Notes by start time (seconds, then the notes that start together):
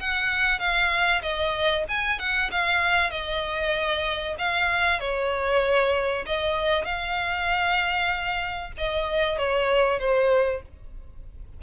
0.00 F#5
0.59 F5
1.22 D#5
1.88 G#5
2.19 F#5
2.51 F5
3.10 D#5
4.38 F5
5.00 C#5
6.26 D#5
6.84 F5
8.78 D#5
9.38 C#5
9.99 C5